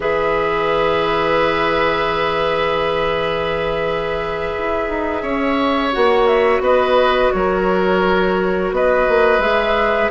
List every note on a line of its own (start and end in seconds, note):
0.00 4.54 E3
0.00 5.92 G#4
0.00 5.22 B4
0.00 5.93 E5
4.58 4.89 E4
4.89 5.22 D#4
5.22 5.92 C#4
5.22 6.61 C#5
5.92 6.59 A#3
5.92 9.41 F#4
5.92 6.27 F#5
6.27 6.62 E5
6.59 7.29 B3
6.59 7.32 B4
6.59 7.32 D#5
7.32 8.71 F#3
7.32 8.75 A#4
7.32 8.72 C#5
8.71 9.06 B3
8.71 10.10 B4
8.71 9.41 D#5
9.08 9.39 A#3
9.39 10.08 G#3
9.39 10.10 G#4
9.39 10.10 E5